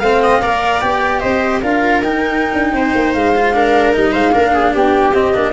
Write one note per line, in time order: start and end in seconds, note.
0.00 0.41 A3
0.00 0.42 C4
0.00 0.80 F5
0.00 0.20 F5
0.22 0.42 D#5
0.42 0.82 A#3
0.42 0.82 A#4
0.42 1.20 D5
0.80 1.23 B3
0.80 1.62 G4
0.80 1.19 G5
1.19 1.62 C4
1.19 1.60 C5
1.19 1.60 D#5
1.62 2.02 D4
1.62 2.03 F4
1.62 2.72 A#4
1.62 2.02 F5
2.02 2.52 D#4
2.02 3.35 D#4
2.02 3.13 G5
2.53 2.72 D4
2.72 2.92 C4
2.72 3.55 C5
2.94 3.14 A#3
3.13 3.95 G#3
3.13 3.94 F5
3.36 3.53 F4
3.53 3.93 D4
3.53 4.11 A#4
3.93 4.15 G3
3.93 4.32 D#4
3.93 4.13 D#5
4.11 4.35 G#3
4.11 4.31 C5
4.11 4.74 F5
4.32 4.75 A#3
4.32 5.12 D4
4.32 4.53 A#4
4.53 4.73 G#4
4.73 5.14 B3
4.73 5.53 G4
4.73 5.14 G5
5.14 5.33 C4
5.14 5.34 C4
5.14 5.53 D#5
5.33 5.53 A#3
5.33 5.53 D4